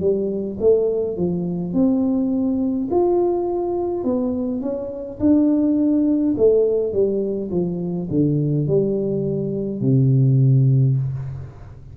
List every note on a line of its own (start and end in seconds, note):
0.00 0.58 G3
0.60 1.17 A3
1.17 1.73 F3
1.73 2.88 C4
2.91 4.04 F4
4.04 4.61 B3
4.61 5.19 C#4
5.20 6.35 D4
6.37 6.93 A3
6.93 7.51 G3
7.51 8.08 F3
8.10 8.67 D3
8.67 9.81 G3
9.81 10.96 C3